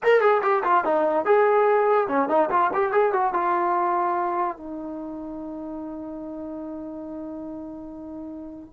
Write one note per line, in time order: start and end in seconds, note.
0.03 0.20 A#4
0.20 0.41 G#4
0.42 0.63 G4
0.63 0.84 F4
0.84 1.25 D#4
1.25 2.08 G#4
2.08 2.28 C#4
2.28 2.49 D#4
2.50 2.71 F4
2.73 2.91 G4
2.91 3.12 G#4
3.12 3.33 F#4
3.33 4.57 F4
4.57 8.73 D#4